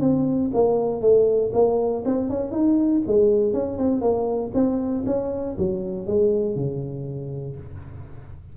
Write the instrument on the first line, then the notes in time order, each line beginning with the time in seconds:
tuba
0.00 C4
0.53 A#3
1.01 A3
1.53 A#3
2.05 C4
2.30 C#4
2.51 D#4
3.07 G#3
3.53 C#4
3.78 C4
4.01 A#3
4.54 C4
5.06 C#4
5.58 F#3
6.07 G#3
6.55 C#3